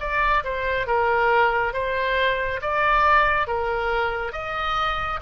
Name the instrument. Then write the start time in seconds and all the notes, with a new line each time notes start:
oboe
0.00 D5
0.44 C5
0.87 A#4
1.74 C5
2.62 D5
3.47 A#4
4.32 D#5